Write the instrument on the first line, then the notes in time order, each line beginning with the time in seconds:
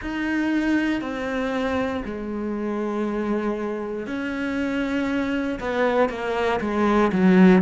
cello
0.01 D#4
1.01 C4
2.04 G#3
4.06 C#4
5.60 B3
6.09 A#3
6.60 G#3
7.12 F#3